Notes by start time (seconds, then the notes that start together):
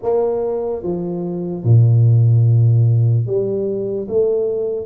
0.02 A#3
0.83 F3
1.64 A#2
3.26 G3
4.08 A3